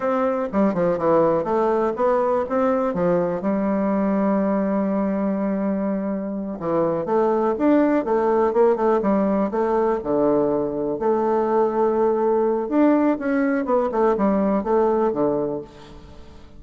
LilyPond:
\new Staff \with { instrumentName = "bassoon" } { \time 4/4 \tempo 4 = 123 c'4 g8 f8 e4 a4 | b4 c'4 f4 g4~ | g1~ | g4. e4 a4 d'8~ |
d'8 a4 ais8 a8 g4 a8~ | a8 d2 a4.~ | a2 d'4 cis'4 | b8 a8 g4 a4 d4 | }